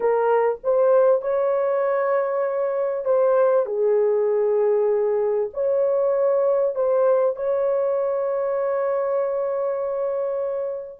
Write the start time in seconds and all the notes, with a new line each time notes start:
0.00 A#4
0.63 C5
1.21 C#5
3.04 C5
3.66 G#4
5.53 C#5
6.75 C5
7.36 C#5